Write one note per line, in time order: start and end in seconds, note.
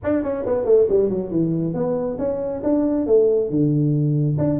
0.03 0.23 D4
0.23 0.45 C#4
0.45 0.65 B3
0.65 0.87 A3
0.89 1.09 G3
1.09 1.30 F#3
1.30 1.73 E3
1.73 2.17 B3
2.18 2.62 C#4
2.63 3.06 D4
3.06 3.49 A3
3.49 4.37 D3
4.38 4.59 D4